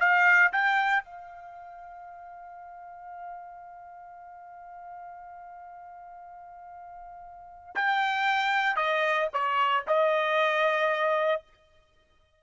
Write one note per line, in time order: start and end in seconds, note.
0.00 0.52 F5
0.52 1.04 G5
1.04 7.75 F5
7.75 8.76 G5
8.76 9.28 D#5
9.33 9.85 C#5
9.87 11.42 D#5